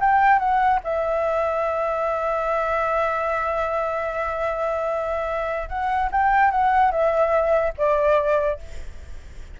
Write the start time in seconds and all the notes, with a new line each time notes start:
0.00 G5
0.39 F#5
0.84 E5
5.69 F#5
6.11 G5
6.51 F#5
6.91 E5
7.77 D5